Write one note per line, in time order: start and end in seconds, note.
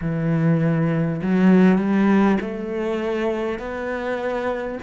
0.01 1.21 E3
1.22 1.77 F#3
1.77 2.37 G3
2.40 3.58 A3
3.58 4.78 B3